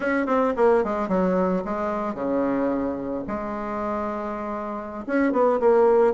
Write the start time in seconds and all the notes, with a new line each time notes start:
0.00 C#4
0.26 C4
0.56 A#3
0.84 G#3
1.08 F#3
1.64 G#3
2.14 C#3
3.27 G#3
5.06 C#4
5.32 B3
5.60 A#3